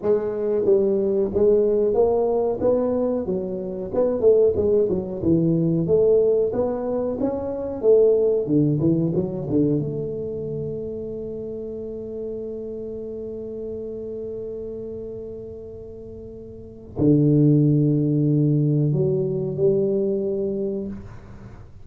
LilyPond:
\new Staff \with { instrumentName = "tuba" } { \time 4/4 \tempo 4 = 92 gis4 g4 gis4 ais4 | b4 fis4 b8 a8 gis8 fis8 | e4 a4 b4 cis'4 | a4 d8 e8 fis8 d8 a4~ |
a1~ | a1~ | a2 d2~ | d4 fis4 g2 | }